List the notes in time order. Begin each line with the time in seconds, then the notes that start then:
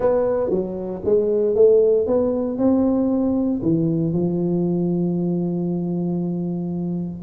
0.00 B3
0.50 F#3
1.05 G#3
1.55 A3
2.07 B3
2.57 C4
3.62 E3
4.13 F3